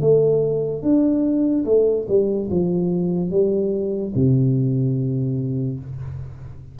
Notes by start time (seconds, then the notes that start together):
0.00 A3
0.82 D4
1.65 A3
2.08 G3
2.50 F3
3.31 G3
4.15 C3